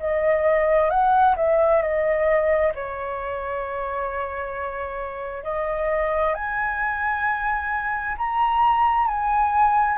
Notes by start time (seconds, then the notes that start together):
0.00 D#5
0.90 F#5
1.37 E5
1.82 D#5
2.75 C#5
5.44 D#5
6.35 G#5
8.18 A#5
9.07 G#5